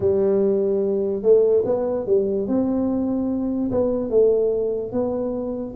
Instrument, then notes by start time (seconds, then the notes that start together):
tuba
0.00 G3
1.22 A3
1.65 B3
2.06 G3
2.47 C4
3.71 B3
4.10 A3
4.92 B3